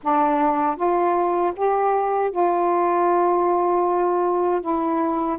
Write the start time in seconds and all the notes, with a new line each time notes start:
0.03 D4
0.76 F4
1.56 G4
2.31 F4
4.61 E4